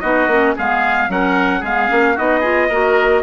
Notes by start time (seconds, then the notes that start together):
0.00 B3 D#4 F#4 D#5
0.27 A#3 C#4
0.55 G#3 B3 G#4 F5
1.08 F#3 C#4 A#4 F#5
1.60 G#3 B3 G#4 F5
1.88 A#3 C#4
2.13 B3 D#4 F#4 D#5
2.40 F4 G#4
2.69 A#3 F#4 A#4